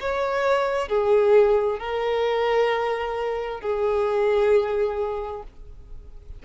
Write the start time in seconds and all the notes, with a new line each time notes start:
0.00 C#5
0.88 G#4
1.79 A#4
3.61 G#4